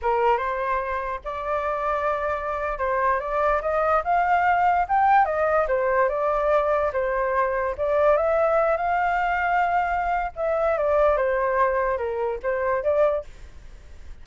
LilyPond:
\new Staff \with { instrumentName = "flute" } { \time 4/4 \tempo 4 = 145 ais'4 c''2 d''4~ | d''2~ d''8. c''4 d''16~ | d''8. dis''4 f''2 g''16~ | g''8. dis''4 c''4 d''4~ d''16~ |
d''8. c''2 d''4 e''16~ | e''4~ e''16 f''2~ f''8.~ | f''4 e''4 d''4 c''4~ | c''4 ais'4 c''4 d''4 | }